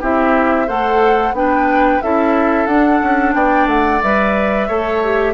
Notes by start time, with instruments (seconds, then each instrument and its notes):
0.00 bassoon C4, clarinet E4, oboe G4, flute E5
0.67 bassoon A3, clarinet A4, oboe C5, flute F#5
1.32 bassoon B3, clarinet D4, oboe B4, flute G5
2.01 bassoon C#4, clarinet E4, oboe A4, flute E5
2.66 bassoon D4, clarinet D4, flute F#5
3.02 bassoon C#4
3.34 bassoon B3, oboe D5, flute G5
3.66 bassoon A3, flute F#5
4.02 bassoon G3, clarinet B4, flute E5
4.67 bassoon A3, clarinet A4, oboe C#5
5.03 clarinet G4